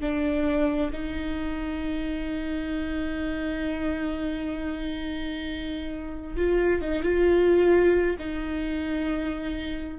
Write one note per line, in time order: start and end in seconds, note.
0.00 0.91 D4
0.92 6.36 D#4
6.36 6.81 F4
6.81 7.02 D#4
7.02 8.16 F4
8.19 9.99 D#4